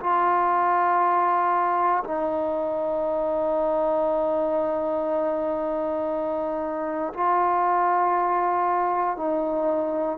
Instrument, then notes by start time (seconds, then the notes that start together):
trombone
0.00 F4
2.04 D#4
7.14 F4
9.17 D#4